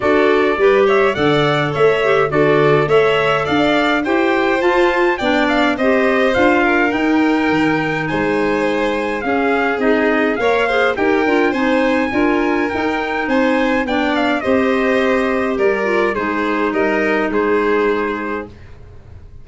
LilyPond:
<<
  \new Staff \with { instrumentName = "trumpet" } { \time 4/4 \tempo 4 = 104 d''4. e''8 fis''4 e''4 | d''4 e''4 f''4 g''4 | a''4 g''8 f''8 dis''4 f''4 | g''2 gis''2 |
f''4 dis''4 f''4 g''4 | gis''2 g''4 gis''4 | g''8 f''8 dis''2 d''4 | c''4 dis''4 c''2 | }
  \new Staff \with { instrumentName = "violin" } { \time 4/4 a'4 b'8 cis''8 d''4 cis''4 | a'4 cis''4 d''4 c''4~ | c''4 d''4 c''4. ais'8~ | ais'2 c''2 |
gis'2 cis''8 c''8 ais'4 | c''4 ais'2 c''4 | d''4 c''2 ais'4 | gis'4 ais'4 gis'2 | }
  \new Staff \with { instrumentName = "clarinet" } { \time 4/4 fis'4 g'4 a'4. g'8 | fis'4 a'2 g'4 | f'4 d'4 g'4 f'4 | dis'1 |
cis'4 dis'4 ais'8 gis'8 g'8 f'8 | dis'4 f'4 dis'2 | d'4 g'2~ g'8 f'8 | dis'1 | }
  \new Staff \with { instrumentName = "tuba" } { \time 4/4 d'4 g4 d4 a4 | d4 a4 d'4 e'4 | f'4 b4 c'4 d'4 | dis'4 dis4 gis2 |
cis'4 c'4 ais4 dis'8 d'8 | c'4 d'4 dis'4 c'4 | b4 c'2 g4 | gis4 g4 gis2 | }
>>